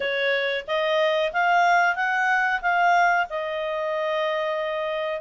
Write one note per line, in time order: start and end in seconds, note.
0.00 0.64 C#5
0.67 1.32 D#5
1.32 1.95 F5
1.95 2.61 F#5
2.61 3.26 F5
3.29 5.21 D#5